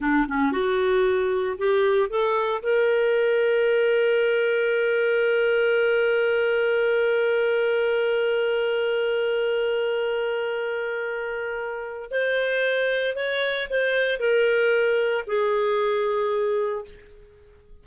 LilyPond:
\new Staff \with { instrumentName = "clarinet" } { \time 4/4 \tempo 4 = 114 d'8 cis'8 fis'2 g'4 | a'4 ais'2.~ | ais'1~ | ais'1~ |
ais'1~ | ais'2. c''4~ | c''4 cis''4 c''4 ais'4~ | ais'4 gis'2. | }